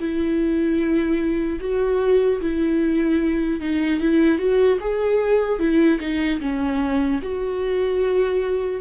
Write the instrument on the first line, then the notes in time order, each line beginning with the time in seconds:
viola
0.00 E4
1.61 F#4
2.41 E4
3.61 D#4
4.01 E4
4.39 F#4
4.81 G#4
5.59 E4
6.00 D#4
6.41 C#4
7.23 F#4